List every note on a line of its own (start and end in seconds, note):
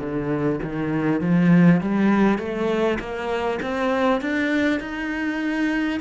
0.00 0.60 D3
0.63 1.21 D#3
1.21 1.81 F3
1.81 2.38 G3
2.38 2.98 A3
2.99 3.59 A#3
3.62 4.21 C4
4.21 4.81 D4
4.81 6.01 D#4